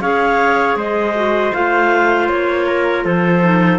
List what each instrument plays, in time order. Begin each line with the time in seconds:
0.00 cello C#4, clarinet G#4 F5, trumpet C#5
0.75 cello G#3, trumpet C5, clarinet D#5
1.15 clarinet F#4
1.53 cello A3, clarinet F4 F5
2.28 cello A#3, clarinet C#5
2.66 trumpet A#4
3.04 cello F3, trumpet A4, clarinet C5
3.43 clarinet D#4